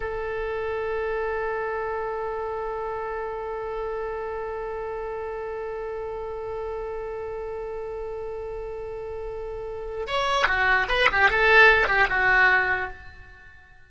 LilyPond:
\new Staff \with { instrumentName = "oboe" } { \time 4/4 \tempo 4 = 149 a'1~ | a'1~ | a'1~ | a'1~ |
a'1~ | a'1~ | a'4 cis''4 fis'4 b'8 g'8 | a'4. g'8 fis'2 | }